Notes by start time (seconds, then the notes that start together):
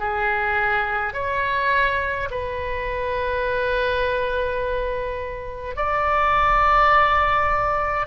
0.00 G#4
1.14 C#5
2.31 B4
5.76 D5